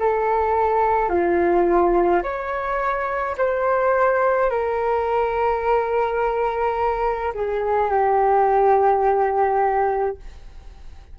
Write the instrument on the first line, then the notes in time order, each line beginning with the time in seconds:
flute
0.00 A4
1.09 F4
2.23 C#5
3.38 C5
4.50 A#4
7.34 G#4
7.91 G4